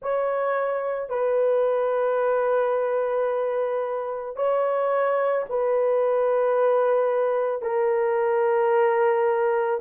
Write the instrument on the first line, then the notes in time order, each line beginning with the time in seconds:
horn
0.01 C#5
1.09 B4
4.36 C#5
5.48 B4
7.62 A#4